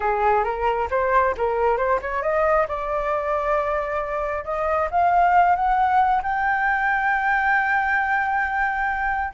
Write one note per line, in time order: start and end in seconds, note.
0.00 0.44 G#4
0.44 0.88 A#4
0.90 1.34 C5
1.37 1.77 A#4
1.77 1.99 C5
2.01 2.22 C#5
2.22 2.66 D#5
2.67 4.44 D5
4.44 4.88 D#5
4.90 5.55 F5
5.55 6.22 F#5
6.22 9.33 G5